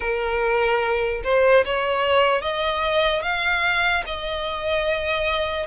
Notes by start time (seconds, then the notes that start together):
0.00 A#4
1.23 C5
1.65 C#5
2.41 D#5
3.22 F5
4.05 D#5